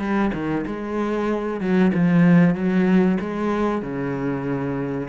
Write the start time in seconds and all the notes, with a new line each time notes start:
0.00 G3
0.34 D#3
0.67 G#3
1.61 F#3
1.95 F3
2.56 F#3
3.21 G#3
3.82 C#3